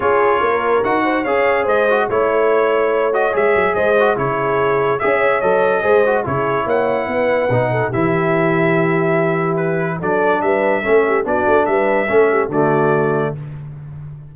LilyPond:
<<
  \new Staff \with { instrumentName = "trumpet" } { \time 4/4 \tempo 4 = 144 cis''2 fis''4 f''4 | dis''4 cis''2~ cis''8 dis''8 | e''4 dis''4 cis''2 | e''4 dis''2 cis''4 |
fis''2. e''4~ | e''2. b'4 | d''4 e''2 d''4 | e''2 d''2 | }
  \new Staff \with { instrumentName = "horn" } { \time 4/4 gis'4 ais'4. c''8 cis''4 | c''4 cis''2.~ | cis''4 c''4 gis'2 | cis''2 c''4 gis'4 |
cis''4 b'4. a'8 g'4~ | g'1 | a'4 b'4 a'8 g'8 fis'4 | b'4 a'8 g'8 fis'2 | }
  \new Staff \with { instrumentName = "trombone" } { \time 4/4 f'2 fis'4 gis'4~ | gis'8 fis'8 e'2~ e'8 fis'8 | gis'4. fis'8 e'2 | gis'4 a'4 gis'8 fis'8 e'4~ |
e'2 dis'4 e'4~ | e'1 | d'2 cis'4 d'4~ | d'4 cis'4 a2 | }
  \new Staff \with { instrumentName = "tuba" } { \time 4/4 cis'4 ais4 dis'4 cis'4 | gis4 a2. | gis8 fis8 gis4 cis2 | cis'4 fis4 gis4 cis4 |
ais4 b4 b,4 e4~ | e1 | fis4 g4 a4 b8 a8 | g4 a4 d2 | }
>>